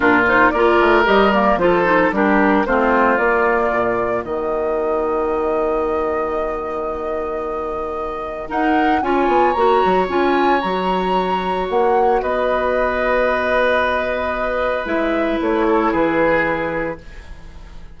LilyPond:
<<
  \new Staff \with { instrumentName = "flute" } { \time 4/4 \tempo 4 = 113 ais'8 c''8 d''4 dis''8 d''8 c''4 | ais'4 c''4 d''2 | dis''1~ | dis''1 |
fis''4 gis''4 ais''4 gis''4 | ais''2 fis''4 dis''4~ | dis''1 | e''4 cis''4 b'2 | }
  \new Staff \with { instrumentName = "oboe" } { \time 4/4 f'4 ais'2 a'4 | g'4 f'2. | fis'1~ | fis'1 |
ais'4 cis''2.~ | cis''2. b'4~ | b'1~ | b'4. a'8 gis'2 | }
  \new Staff \with { instrumentName = "clarinet" } { \time 4/4 d'8 dis'8 f'4 g'8 ais8 f'8 dis'8 | d'4 c'4 ais2~ | ais1~ | ais1 |
dis'4 f'4 fis'4 f'4 | fis'1~ | fis'1 | e'1 | }
  \new Staff \with { instrumentName = "bassoon" } { \time 4/4 ais,4 ais8 a8 g4 f4 | g4 a4 ais4 ais,4 | dis1~ | dis1 |
dis'4 cis'8 b8 ais8 fis8 cis'4 | fis2 ais4 b4~ | b1 | gis4 a4 e2 | }
>>